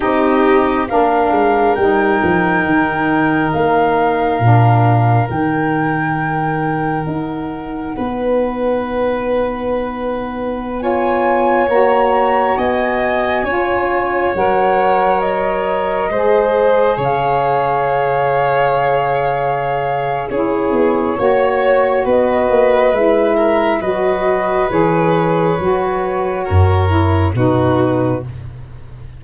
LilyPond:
<<
  \new Staff \with { instrumentName = "flute" } { \time 4/4 \tempo 4 = 68 dis''4 f''4 g''2 | f''2 g''2 | fis''1~ | fis''16 gis''4 ais''4 gis''4.~ gis''16~ |
gis''16 fis''4 dis''2 f''8.~ | f''2. cis''4~ | cis''4 dis''4 e''4 dis''4 | cis''2. b'4 | }
  \new Staff \with { instrumentName = "violin" } { \time 4/4 g'4 ais'2.~ | ais'1~ | ais'4 b'2.~ | b'16 cis''2 dis''4 cis''8.~ |
cis''2~ cis''16 c''4 cis''8.~ | cis''2. gis'4 | cis''4 b'4. ais'8 b'4~ | b'2 ais'4 fis'4 | }
  \new Staff \with { instrumentName = "saxophone" } { \time 4/4 dis'4 d'4 dis'2~ | dis'4 d'4 dis'2~ | dis'1~ | dis'16 f'4 fis'2 f'8.~ |
f'16 ais'2 gis'4.~ gis'16~ | gis'2. e'4 | fis'2 e'4 fis'4 | gis'4 fis'4. e'8 dis'4 | }
  \new Staff \with { instrumentName = "tuba" } { \time 4/4 c'4 ais8 gis8 g8 f8 dis4 | ais4 ais,4 dis2 | dis'4 b2.~ | b4~ b16 ais4 b4 cis'8.~ |
cis'16 fis2 gis4 cis8.~ | cis2. cis'8 b8 | ais4 b8 ais8 gis4 fis4 | e4 fis4 fis,4 b,4 | }
>>